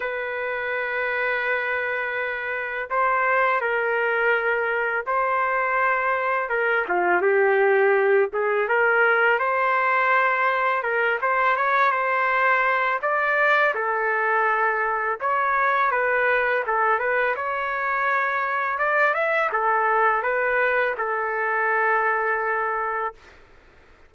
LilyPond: \new Staff \with { instrumentName = "trumpet" } { \time 4/4 \tempo 4 = 83 b'1 | c''4 ais'2 c''4~ | c''4 ais'8 f'8 g'4. gis'8 | ais'4 c''2 ais'8 c''8 |
cis''8 c''4. d''4 a'4~ | a'4 cis''4 b'4 a'8 b'8 | cis''2 d''8 e''8 a'4 | b'4 a'2. | }